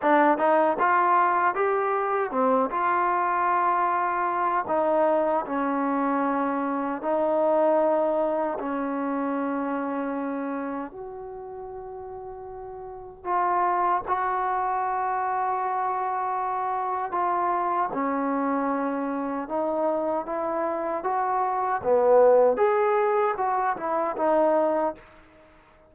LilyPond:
\new Staff \with { instrumentName = "trombone" } { \time 4/4 \tempo 4 = 77 d'8 dis'8 f'4 g'4 c'8 f'8~ | f'2 dis'4 cis'4~ | cis'4 dis'2 cis'4~ | cis'2 fis'2~ |
fis'4 f'4 fis'2~ | fis'2 f'4 cis'4~ | cis'4 dis'4 e'4 fis'4 | b4 gis'4 fis'8 e'8 dis'4 | }